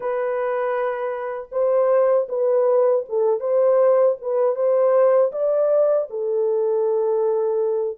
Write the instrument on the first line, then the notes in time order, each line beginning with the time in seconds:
horn
0.00 B4
1.51 C5
2.29 B4
3.09 A4
3.40 C5
4.21 B4
4.55 C5
5.32 D5
6.10 A4